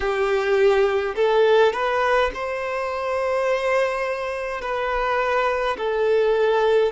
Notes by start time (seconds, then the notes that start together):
0.00 G4
1.15 A4
1.73 B4
2.33 C5
4.61 B4
5.77 A4